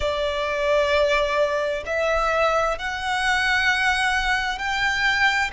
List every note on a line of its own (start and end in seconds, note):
0.00 1.83 D5
1.86 2.78 E5
2.78 4.58 F#5
4.58 5.50 G5